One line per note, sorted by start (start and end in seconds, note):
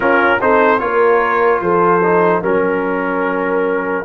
0.00 0.39 C#4
0.00 0.41 C#4
0.00 0.40 F4
0.00 0.40 A#4
0.41 0.80 C4
0.41 0.79 D#4
0.41 0.82 A4
0.41 0.79 C5
0.79 1.60 A#3
0.79 2.01 F4
0.79 1.62 A#4
0.79 1.60 C#5
1.60 2.42 F3
1.60 2.41 A4
1.60 2.42 C5
2.03 2.42 D#4
2.41 4.04 F#3
2.41 4.04 C#4
2.41 4.03 A#4
2.41 4.04 A#4